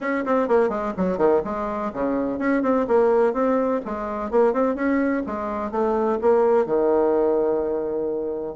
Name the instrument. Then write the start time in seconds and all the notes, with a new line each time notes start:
bassoon
0.00 C#4
0.25 C4
0.48 A#3
0.69 G#3
0.97 F#3
1.17 D#3
1.44 G#3
1.93 C#3
2.39 C#4
2.62 C4
2.87 A#3
3.33 C4
3.85 G#3
4.31 A#3
4.53 C4
4.75 C#4
5.26 G#3
5.71 A3
6.21 A#3
6.65 D#3